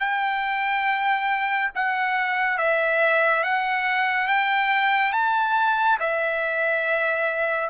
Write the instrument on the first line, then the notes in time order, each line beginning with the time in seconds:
trumpet
0.00 G5
1.75 F#5
2.58 E5
3.44 F#5
4.28 G5
5.13 A5
6.00 E5